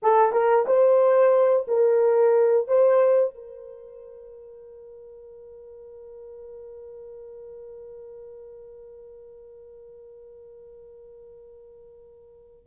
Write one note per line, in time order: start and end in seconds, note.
0.02 0.32 A4
0.32 0.65 A#4
0.66 1.66 C5
1.67 2.67 A#4
2.67 3.34 C5
3.34 12.66 A#4